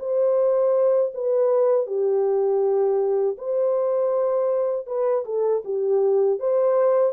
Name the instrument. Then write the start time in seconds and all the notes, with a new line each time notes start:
horn
0.00 C5
1.15 B4
1.87 G4
3.38 C5
4.87 B4
5.25 A4
5.65 G4
6.40 C5